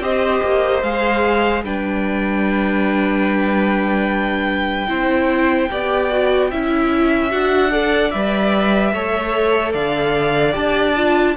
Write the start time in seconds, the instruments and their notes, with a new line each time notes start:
0.00 cello C4, viola G4, violin C5 D#5
0.43 cello A#3
0.83 cello G#3, viola G#4, violin F5
1.63 cello G3, viola D4, violin B4 G5
4.88 cello C4, viola E4, violin C5
5.71 cello B3, viola G4, violin D5
6.10 viola F#4
6.50 cello C#4, viola E4, violin E5
7.30 cello D4, viola F#4, violin F#5
7.71 viola A4, violin D5
8.11 cello G3, viola B4, violin E5
8.93 cello A3, viola A4, violin C#5
9.72 cello D3, violin D5 F5
10.53 cello D4, viola G4, violin A5
10.96 viola F4